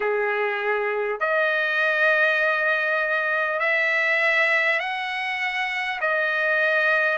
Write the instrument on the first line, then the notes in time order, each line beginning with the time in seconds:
trumpet
0.00 G#4
1.19 D#5
3.59 E5
4.79 F#5
6.00 D#5